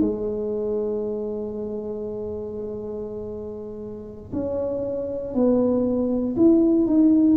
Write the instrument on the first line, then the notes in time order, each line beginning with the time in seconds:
tuba
0.00 G#3
4.32 C#4
5.34 B3
6.37 E4
6.86 D#4